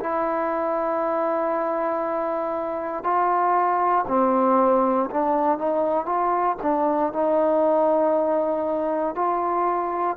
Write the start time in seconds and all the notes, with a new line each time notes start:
0.00 E4
3.03 F4
4.08 C4
5.10 D4
5.58 D#4
6.05 F4
6.62 D4
7.13 D#4
9.15 F4